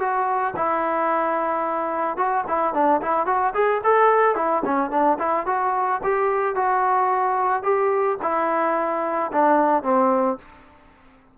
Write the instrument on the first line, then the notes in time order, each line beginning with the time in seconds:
trombone
0.00 F#4
0.57 E4
2.18 F#4
2.48 E4
2.74 D4
3.02 E4
3.27 F#4
3.55 G#4
3.84 A4
4.36 E4
4.65 C#4
4.91 D4
5.20 E4
5.47 F#4
6.04 G4
6.56 F#4
7.64 G4
8.23 E4
9.33 D4
9.84 C4